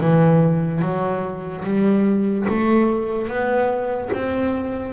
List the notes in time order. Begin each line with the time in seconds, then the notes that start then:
0.00 E3
0.82 F#3
1.65 G3
2.49 A3
3.28 B3
4.13 C4